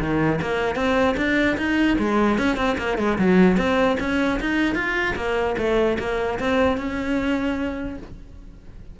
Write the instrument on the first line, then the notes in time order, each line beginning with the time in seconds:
cello
0.00 D#3
0.42 A#3
0.76 C4
1.17 D4
1.58 D#4
1.99 G#3
2.39 C#4
2.57 C4
2.78 A#3
2.98 G#3
3.19 F#3
3.57 C4
4.00 C#4
4.41 D#4
4.75 F4
5.16 A#3
5.58 A3
5.99 A#3
6.40 C4
6.78 C#4